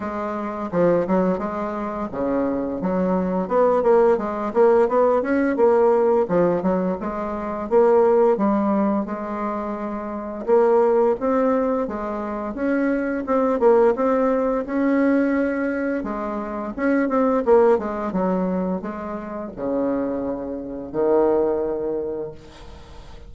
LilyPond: \new Staff \with { instrumentName = "bassoon" } { \time 4/4 \tempo 4 = 86 gis4 f8 fis8 gis4 cis4 | fis4 b8 ais8 gis8 ais8 b8 cis'8 | ais4 f8 fis8 gis4 ais4 | g4 gis2 ais4 |
c'4 gis4 cis'4 c'8 ais8 | c'4 cis'2 gis4 | cis'8 c'8 ais8 gis8 fis4 gis4 | cis2 dis2 | }